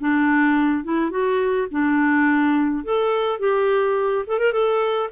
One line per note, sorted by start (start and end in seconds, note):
0.00 0.84 D4
0.84 1.11 E4
1.11 1.68 F#4
1.71 2.84 D4
2.84 3.39 A4
3.39 4.25 G4
4.27 4.39 A4
4.39 4.53 A#4
4.53 5.10 A4